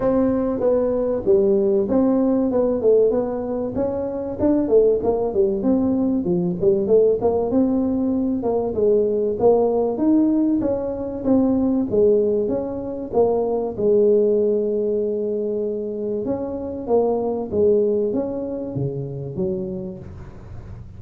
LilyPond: \new Staff \with { instrumentName = "tuba" } { \time 4/4 \tempo 4 = 96 c'4 b4 g4 c'4 | b8 a8 b4 cis'4 d'8 a8 | ais8 g8 c'4 f8 g8 a8 ais8 | c'4. ais8 gis4 ais4 |
dis'4 cis'4 c'4 gis4 | cis'4 ais4 gis2~ | gis2 cis'4 ais4 | gis4 cis'4 cis4 fis4 | }